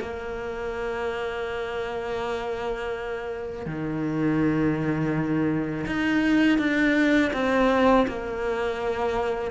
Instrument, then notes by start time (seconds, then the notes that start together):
cello
0.00 A#3
3.66 D#3
5.86 D#4
6.58 D4
7.33 C4
8.07 A#3